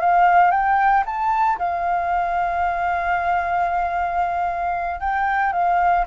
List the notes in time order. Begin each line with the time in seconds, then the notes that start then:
0.00 F5
0.51 G5
1.06 A5
1.58 F5
5.00 G5
5.52 F5